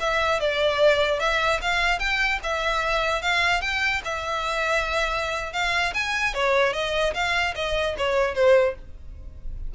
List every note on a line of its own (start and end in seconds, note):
0.00 0.40 E5
0.40 1.20 D5
1.20 1.60 E5
1.62 1.99 F5
1.99 2.39 G5
2.43 3.22 E5
3.22 3.61 F5
3.61 4.02 G5
4.04 5.53 E5
5.53 5.93 F5
5.94 6.34 G#5
6.34 6.73 C#5
6.73 7.14 D#5
7.14 7.54 F5
7.55 7.96 D#5
7.98 8.35 C#5
8.35 8.75 C5